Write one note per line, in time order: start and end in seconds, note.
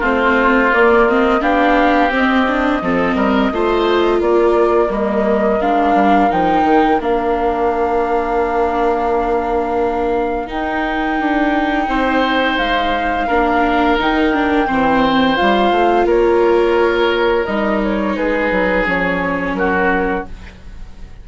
0.00 0.70 A3
0.00 0.72 C4
0.00 1.40 F4
0.00 0.74 C5
0.72 1.07 A#3
0.72 1.41 A#3
0.72 1.08 D5
1.08 1.40 C4
1.08 1.42 D#5
1.40 2.11 B3
1.40 2.09 D4
1.40 2.81 G4
1.40 2.11 F5
2.09 2.44 C4
2.09 2.81 C4
2.16 4.22 D#5
2.47 2.82 D4
2.81 3.15 F3
2.81 3.53 C4
2.81 3.15 A4
3.15 3.50 G3
3.15 3.50 A#4
3.52 4.21 A3
3.52 4.88 F4
3.52 4.19 C5
4.19 4.89 A#3
4.19 11.86 A#4
4.19 4.91 D5
4.88 5.59 G3
4.88 5.58 A#3
4.88 5.61 D#5
5.61 5.95 G#3
5.61 6.30 D4
5.61 6.31 F5
5.95 6.30 G3
6.30 6.63 F3
6.30 7.00 D#4
6.30 7.01 G5
6.63 6.98 D#3
7.00 10.49 A#3
7.00 10.47 D4
7.00 10.49 F5
10.47 13.26 D#4
10.47 11.19 D#4
10.47 12.58 G5
11.19 11.87 D4
11.87 12.57 C4
11.87 13.27 C5
12.58 13.28 G#3
12.58 13.97 F5
13.27 13.99 A#3
13.27 13.98 D4
13.27 14.66 A#4
13.98 14.69 D#3
13.98 14.33 D#4
13.98 15.36 G5
14.33 14.66 D4
14.66 15.39 E3
14.66 15.35 C4
14.66 16.06 C5
15.35 15.71 G3
15.35 17.45 F4
15.35 16.06 F5
15.71 16.05 A3
16.05 17.44 A#3
16.05 18.15 A#4
16.05 17.45 C#5
17.45 18.16 G3
17.45 18.85 D#4
17.45 17.80 D#5
17.83 18.16 C#5
18.16 18.51 G#3
18.16 19.56 G#4
18.16 18.86 B4
18.51 18.86 F#3
18.85 19.53 F3
18.85 20.25 C#4
18.85 19.55 C#5
19.53 20.23 F#3
19.53 20.28 F#4
19.53 20.25 A#4